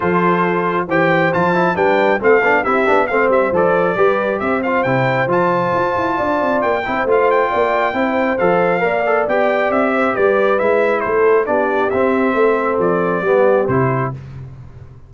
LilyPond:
<<
  \new Staff \with { instrumentName = "trumpet" } { \time 4/4 \tempo 4 = 136 c''2 g''4 a''4 | g''4 f''4 e''4 f''8 e''8 | d''2 e''8 f''8 g''4 | a''2. g''4 |
f''8 g''2~ g''8 f''4~ | f''4 g''4 e''4 d''4 | e''4 c''4 d''4 e''4~ | e''4 d''2 c''4 | }
  \new Staff \with { instrumentName = "horn" } { \time 4/4 a'2 c''2 | b'4 a'4 g'4 c''4~ | c''4 b'4 c''2~ | c''2 d''4. c''8~ |
c''4 d''4 c''2 | d''2~ d''8 c''8 b'4~ | b'4 a'4 g'2 | a'2 g'2 | }
  \new Staff \with { instrumentName = "trombone" } { \time 4/4 f'2 g'4 f'8 e'8 | d'4 c'8 d'8 e'8 d'8 c'4 | a'4 g'4. f'8 e'4 | f'2.~ f'8 e'8 |
f'2 e'4 a'4 | ais'8 a'8 g'2. | e'2 d'4 c'4~ | c'2 b4 e'4 | }
  \new Staff \with { instrumentName = "tuba" } { \time 4/4 f2 e4 f4 | g4 a8 b8 c'8 b8 a8 g8 | f4 g4 c'4 c4 | f4 f'8 e'8 d'8 c'8 ais8 c'8 |
a4 ais4 c'4 f4 | ais4 b4 c'4 g4 | gis4 a4 b4 c'4 | a4 f4 g4 c4 | }
>>